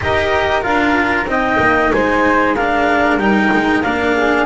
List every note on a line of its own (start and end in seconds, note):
0.00 0.65 D#4
0.00 0.62 G4
0.00 1.29 A#4
0.00 0.62 D#5
0.62 1.25 D4
0.62 1.26 F4
0.62 1.26 F5
1.25 1.57 C4
1.25 2.55 D#4
1.25 1.93 D#5
1.25 1.92 G5
1.59 1.91 A#3
1.92 3.17 G#3
1.92 2.55 C5
1.92 2.55 G#5
2.55 3.20 D4
2.55 4.14 A#4
2.55 3.18 F5
3.17 3.49 G3
3.17 3.83 D#4
3.17 3.82 G5
3.52 3.84 G#3
3.82 4.46 A#3
3.82 4.46 D4
3.82 4.46 F5
4.16 4.46 G#4